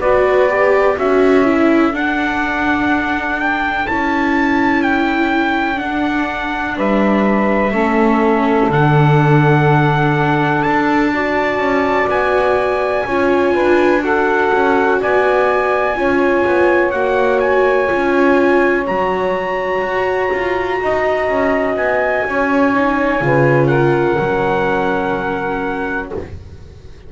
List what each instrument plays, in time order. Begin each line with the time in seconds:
0.00 double bass B3, viola F#4, saxophone B4, trumpet D5
0.49 viola G4
0.96 double bass C#4, viola F#4, saxophone A4, trumpet E5
1.45 viola E4
1.93 viola D4, double bass D4, trumpet F#5
3.40 trumpet G5
3.87 double bass C#4, viola E4, trumpet A5
4.83 trumpet G5
5.76 viola D4, trumpet F#5
5.83 double bass D4
6.77 double bass G3, saxophone B4, trumpet E5
7.72 double bass A3, viola C#4, saxophone A4
8.69 double bass D3, viola D4, trumpet F#5
10.63 double bass D4, trumpet A5
11.13 viola F#4, saxophone D5
11.58 double bass C#4
12.08 double bass B3, trumpet G#5
13.06 double bass C#4, viola F4, saxophone C#5
13.54 double bass D4, saxophone B4
14.01 viola F#4, saxophone A4, trumpet F#5
14.53 double bass C#4
15.01 double bass B3, saxophone D5, trumpet G#5
15.96 double bass C#4, viola F4, saxophone C#5
16.46 double bass B3
16.92 double bass A#3, viola F#4, trumpet F#5
17.41 trumpet G#5
17.89 double bass C#4, viola F4
18.87 double bass F#3, viola F#4, trumpet A#5
19.82 double bass F#4
20.32 double bass F4
20.81 double bass D#4, saxophone D#5
21.29 double bass C#4
21.77 double bass B3, trumpet G#5
22.25 double bass C#4, saxophone C#5
22.74 viola D#4
23.22 double bass C#3, viola F4, saxophone B4
23.67 saxophone A#4, trumpet F#5
24.19 double bass F#3, viola C#4